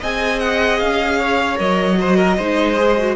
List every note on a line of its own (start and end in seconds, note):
0.00 0.81 C4
0.00 1.56 G#4
0.00 1.18 D#5
0.00 0.39 G#5
0.39 0.79 F#5
0.79 1.60 C#4
0.79 1.58 F5
1.19 1.98 C#5
1.56 2.38 F#3
1.56 1.96 A#4
1.56 3.16 D#5
1.97 2.37 F#4
1.97 2.17 C5
2.17 2.36 A#4
2.37 3.16 G#3
2.37 2.77 D#4
2.37 3.16 C5
2.77 2.97 G#4
2.99 3.16 F#4